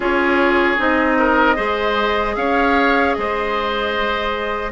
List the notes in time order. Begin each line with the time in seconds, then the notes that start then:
0.00 C#4 F4 G#4 C#5
0.77 C4 D#4 D#5
1.19 A#4
1.55 G#3 G#4 C5
2.35 C#4 C#5 F5
3.13 G#3 C5 D#5